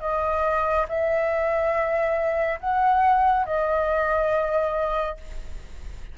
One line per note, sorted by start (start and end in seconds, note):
0.00 0.86 D#5
0.88 2.59 E5
2.60 3.46 F#5
3.46 5.17 D#5